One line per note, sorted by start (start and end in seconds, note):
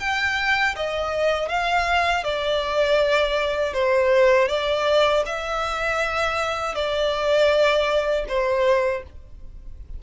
0.00 0.75 G5
0.76 1.49 D#5
1.49 2.24 F5
2.24 3.74 D5
3.74 4.49 C5
4.49 5.24 D5
5.26 6.75 E5
6.75 8.25 D5
8.28 9.03 C5